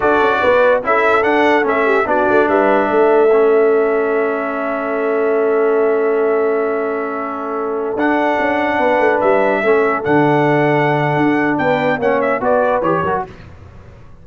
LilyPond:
<<
  \new Staff \with { instrumentName = "trumpet" } { \time 4/4 \tempo 4 = 145 d''2 e''4 fis''4 | e''4 d''4 e''2~ | e''1~ | e''1~ |
e''2.~ e''16 fis''8.~ | fis''2~ fis''16 e''4.~ e''16~ | e''16 fis''2.~ fis''8. | g''4 fis''8 e''8 d''4 cis''4 | }
  \new Staff \with { instrumentName = "horn" } { \time 4/4 a'4 b'4 a'2~ | a'8 g'8 fis'4 b'4 a'4~ | a'1~ | a'1~ |
a'1~ | a'4~ a'16 b'2 a'8.~ | a'1 | b'4 cis''4 b'4. ais'8 | }
  \new Staff \with { instrumentName = "trombone" } { \time 4/4 fis'2 e'4 d'4 | cis'4 d'2. | cis'1~ | cis'1~ |
cis'2.~ cis'16 d'8.~ | d'2.~ d'16 cis'8.~ | cis'16 d'2.~ d'8.~ | d'4 cis'4 fis'4 g'8 fis'8 | }
  \new Staff \with { instrumentName = "tuba" } { \time 4/4 d'8 cis'8 b4 cis'4 d'4 | a4 b8 a8 g4 a4~ | a1~ | a1~ |
a2.~ a16 d'8.~ | d'16 cis'4 b8 a8 g4 a8.~ | a16 d2~ d8. d'4 | b4 ais4 b4 e8 fis8 | }
>>